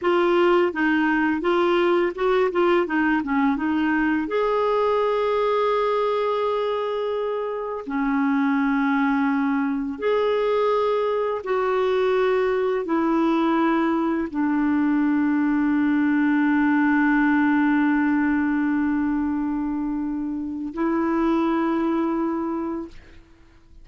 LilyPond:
\new Staff \with { instrumentName = "clarinet" } { \time 4/4 \tempo 4 = 84 f'4 dis'4 f'4 fis'8 f'8 | dis'8 cis'8 dis'4 gis'2~ | gis'2. cis'4~ | cis'2 gis'2 |
fis'2 e'2 | d'1~ | d'1~ | d'4 e'2. | }